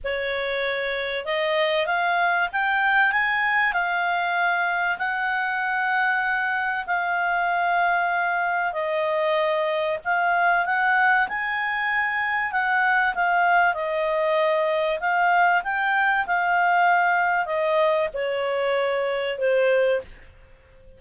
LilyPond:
\new Staff \with { instrumentName = "clarinet" } { \time 4/4 \tempo 4 = 96 cis''2 dis''4 f''4 | g''4 gis''4 f''2 | fis''2. f''4~ | f''2 dis''2 |
f''4 fis''4 gis''2 | fis''4 f''4 dis''2 | f''4 g''4 f''2 | dis''4 cis''2 c''4 | }